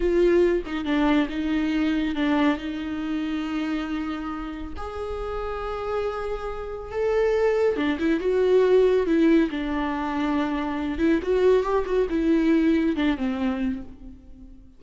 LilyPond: \new Staff \with { instrumentName = "viola" } { \time 4/4 \tempo 4 = 139 f'4. dis'8 d'4 dis'4~ | dis'4 d'4 dis'2~ | dis'2. gis'4~ | gis'1 |
a'2 d'8 e'8 fis'4~ | fis'4 e'4 d'2~ | d'4. e'8 fis'4 g'8 fis'8 | e'2 d'8 c'4. | }